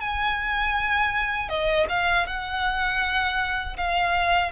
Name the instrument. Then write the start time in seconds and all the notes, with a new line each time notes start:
violin
0.00 G#5
1.49 D#5
1.89 F5
2.27 F#5
3.77 F5